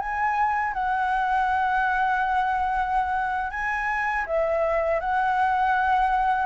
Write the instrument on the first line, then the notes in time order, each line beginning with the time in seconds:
flute
0.00 G#5
0.74 F#5
3.51 G#5
4.26 E5
5.00 F#5